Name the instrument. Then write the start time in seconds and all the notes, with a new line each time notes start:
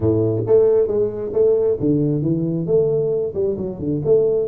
tuba
0.00 A2
0.47 A3
0.87 G#3
1.32 A3
1.80 D3
2.22 E3
2.66 A3
3.34 G3
3.57 F#3
3.79 D3
4.04 A3